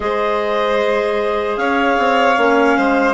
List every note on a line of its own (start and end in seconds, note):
0.00 1.57 G#3
0.00 2.35 G#4
0.00 1.59 C5
0.00 1.56 D#5
1.56 1.96 C#4
1.56 2.77 C#5
1.56 3.14 F5
1.98 2.37 C4
2.37 2.77 A#3
2.37 3.14 C#4
2.77 3.14 G#3
2.77 3.14 C5